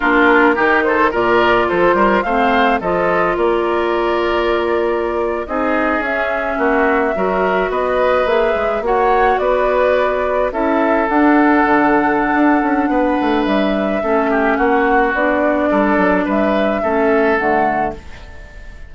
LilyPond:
<<
  \new Staff \with { instrumentName = "flute" } { \time 4/4 \tempo 4 = 107 ais'4. c''8 d''4 c''4 | f''4 dis''4 d''2~ | d''4.~ d''16 dis''4 e''4~ e''16~ | e''4.~ e''16 dis''4 e''4 fis''16~ |
fis''8. d''2 e''4 fis''16~ | fis''1 | e''2 fis''4 d''4~ | d''4 e''2 fis''4 | }
  \new Staff \with { instrumentName = "oboe" } { \time 4/4 f'4 g'8 a'8 ais'4 a'8 ais'8 | c''4 a'4 ais'2~ | ais'4.~ ais'16 gis'2 fis'16~ | fis'8. ais'4 b'2 cis''16~ |
cis''8. b'2 a'4~ a'16~ | a'2. b'4~ | b'4 a'8 g'8 fis'2 | a'4 b'4 a'2 | }
  \new Staff \with { instrumentName = "clarinet" } { \time 4/4 d'4 dis'4 f'2 | c'4 f'2.~ | f'4.~ f'16 dis'4 cis'4~ cis'16~ | cis'8. fis'2 gis'4 fis'16~ |
fis'2~ fis'8. e'4 d'16~ | d'1~ | d'4 cis'2 d'4~ | d'2 cis'4 a4 | }
  \new Staff \with { instrumentName = "bassoon" } { \time 4/4 ais4 dis4 ais,4 f8 g8 | a4 f4 ais2~ | ais4.~ ais16 c'4 cis'4 ais16~ | ais8. fis4 b4 ais8 gis8 ais16~ |
ais8. b2 cis'4 d'16~ | d'8. d4~ d16 d'8 cis'8 b8 a8 | g4 a4 ais4 b4 | g8 fis8 g4 a4 d4 | }
>>